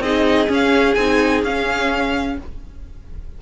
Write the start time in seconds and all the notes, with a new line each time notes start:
0.00 C4 D#4 G#4 D#5
0.48 C#4 F5
0.95 C4 D#4 G#5
1.43 C#4 F5